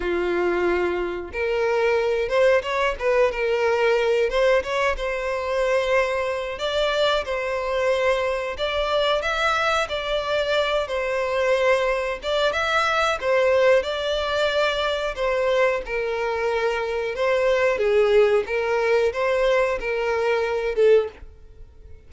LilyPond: \new Staff \with { instrumentName = "violin" } { \time 4/4 \tempo 4 = 91 f'2 ais'4. c''8 | cis''8 b'8 ais'4. c''8 cis''8 c''8~ | c''2 d''4 c''4~ | c''4 d''4 e''4 d''4~ |
d''8 c''2 d''8 e''4 | c''4 d''2 c''4 | ais'2 c''4 gis'4 | ais'4 c''4 ais'4. a'8 | }